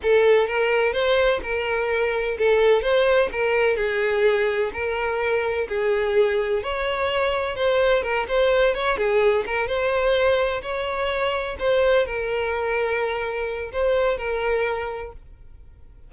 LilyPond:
\new Staff \with { instrumentName = "violin" } { \time 4/4 \tempo 4 = 127 a'4 ais'4 c''4 ais'4~ | ais'4 a'4 c''4 ais'4 | gis'2 ais'2 | gis'2 cis''2 |
c''4 ais'8 c''4 cis''8 gis'4 | ais'8 c''2 cis''4.~ | cis''8 c''4 ais'2~ ais'8~ | ais'4 c''4 ais'2 | }